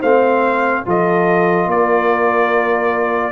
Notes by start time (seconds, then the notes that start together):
0.00 A3 C4 C5 F5
0.85 F3 F4 A4 D#5
1.67 A#3 A#4 D5